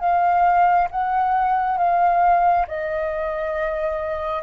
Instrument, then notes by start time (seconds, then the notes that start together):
flute
0.00 F5
0.91 F#5
1.78 F5
2.68 D#5